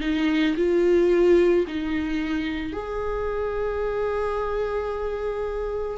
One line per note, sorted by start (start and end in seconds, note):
0.00 0.55 D#4
0.56 1.65 F4
1.67 2.73 D#4
2.73 5.98 G#4